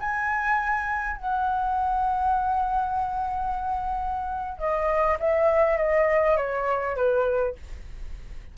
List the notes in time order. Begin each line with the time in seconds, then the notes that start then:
0.00 G#5
1.17 F#5
4.59 D#5
5.20 E5
5.77 D#5
6.37 C#5
6.96 B4